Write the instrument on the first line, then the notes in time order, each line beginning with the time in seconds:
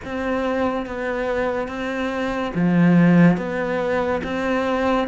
cello
0.05 C4
0.86 B3
1.67 C4
2.54 F3
3.37 B3
4.23 C4